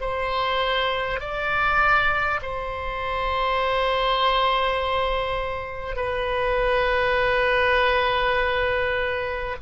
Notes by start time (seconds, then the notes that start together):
0.00 C5
1.20 D5
2.42 C5
5.96 B4